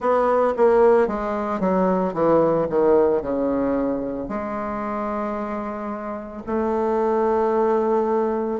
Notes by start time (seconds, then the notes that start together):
0.00 B3
0.56 A#3
1.07 G#3
1.60 F#3
2.13 E3
2.69 D#3
3.21 C#3
4.28 G#3
6.46 A3